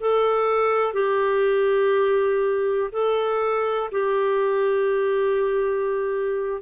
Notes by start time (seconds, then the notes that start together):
0.00 A4
0.93 G4
2.92 A4
3.91 G4